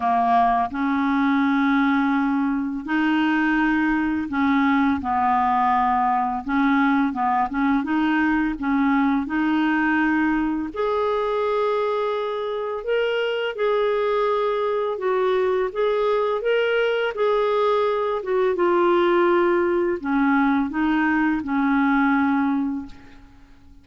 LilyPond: \new Staff \with { instrumentName = "clarinet" } { \time 4/4 \tempo 4 = 84 ais4 cis'2. | dis'2 cis'4 b4~ | b4 cis'4 b8 cis'8 dis'4 | cis'4 dis'2 gis'4~ |
gis'2 ais'4 gis'4~ | gis'4 fis'4 gis'4 ais'4 | gis'4. fis'8 f'2 | cis'4 dis'4 cis'2 | }